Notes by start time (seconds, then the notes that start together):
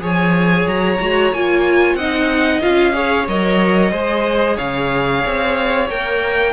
0.00 F3 G#4 C#5
0.06 G#5
0.66 F#3 A#5
1.00 G#3 F#4
1.32 A#3 F4 G#5
1.94 C4 D#4 D#5 F#5
2.61 C#4 F4 F5
2.92 G#4 C#5
3.28 F#3 A#4 D#5
3.92 G#3 G#4 C5
4.56 C#3 C#5 F5
5.26 C4
5.90 A#3 A#4 G5